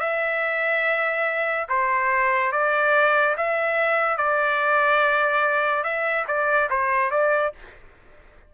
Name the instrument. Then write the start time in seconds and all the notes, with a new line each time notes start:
trumpet
0.00 E5
1.68 C5
2.52 D5
3.37 E5
4.17 D5
5.83 E5
6.27 D5
6.70 C5
7.11 D5